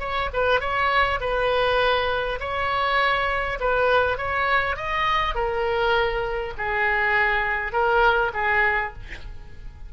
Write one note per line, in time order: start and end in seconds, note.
0.00 0.30 C#5
0.33 0.60 B4
0.60 1.20 C#5
1.21 2.40 B4
2.40 3.59 C#5
3.60 4.18 B4
4.18 4.77 C#5
4.77 5.35 D#5
5.35 6.54 A#4
6.58 7.73 G#4
7.73 8.32 A#4
8.34 8.94 G#4